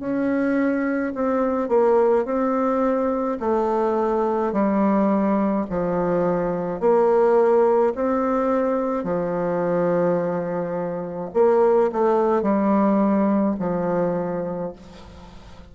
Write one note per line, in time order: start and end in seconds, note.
0.00 1.13 C#4
1.15 1.69 C4
1.69 2.25 A#3
2.25 3.39 C4
3.40 4.53 A3
4.53 5.66 G3
5.70 6.80 F3
6.80 7.93 A#3
7.96 9.04 C4
9.04 11.31 F3
11.34 11.91 A#3
11.92 12.43 A3
12.43 13.56 G3
13.60 14.73 F3